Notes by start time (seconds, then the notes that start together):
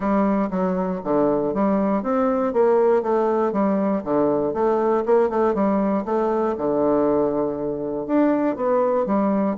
0.00 G3
0.50 F#3
1.04 D3
1.54 G3
2.02 C4
2.53 A#3
3.02 A3
3.52 G3
4.03 D3
4.53 A3
5.05 A#3
5.29 A3
5.54 G3
6.05 A3
6.57 D3
8.06 D4
8.56 B3
9.06 G3